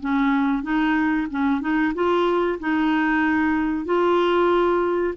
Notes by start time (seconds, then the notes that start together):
0.00 C#4
0.62 D#4
1.30 C#4
1.60 D#4
1.94 F4
2.59 D#4
3.85 F4